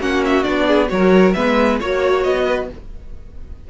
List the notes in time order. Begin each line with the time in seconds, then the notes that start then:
0.00 A#3 C#4 F#4 F#5
0.24 E5
0.43 B3 D4 D5
0.66 G#4
0.88 F#3 F#4 A#4 C#5
1.33 G#3 B3 B4 E5
1.80 A#3 F#4 C#5
2.23 B3 D#5
2.45 B4